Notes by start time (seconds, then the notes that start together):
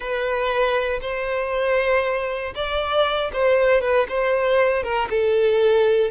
0.00 B4
1.01 C5
2.55 D5
3.33 C5
3.81 B4
4.09 C5
4.83 A#4
5.09 A4